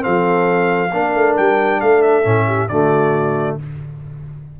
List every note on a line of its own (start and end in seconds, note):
0.00 0.88 C4
0.00 0.92 A4
0.00 1.36 F5
0.06 0.93 F3
0.93 1.15 A#3
0.93 2.24 D4
0.93 1.80 A#4
1.15 1.37 A3
1.37 1.82 G3
1.37 1.81 G5
1.80 2.25 A3
1.80 2.46 A4
1.80 2.02 F5
2.02 2.68 E5
2.24 2.69 A2
2.24 2.68 C#4
2.47 2.69 G4
2.68 3.58 D3
2.68 3.60 A3
2.68 3.59 F#4
2.68 3.56 D5